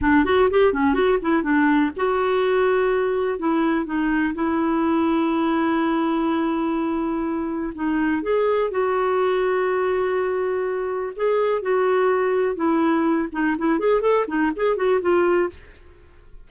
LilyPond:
\new Staff \with { instrumentName = "clarinet" } { \time 4/4 \tempo 4 = 124 d'8 fis'8 g'8 cis'8 fis'8 e'8 d'4 | fis'2. e'4 | dis'4 e'2.~ | e'1 |
dis'4 gis'4 fis'2~ | fis'2. gis'4 | fis'2 e'4. dis'8 | e'8 gis'8 a'8 dis'8 gis'8 fis'8 f'4 | }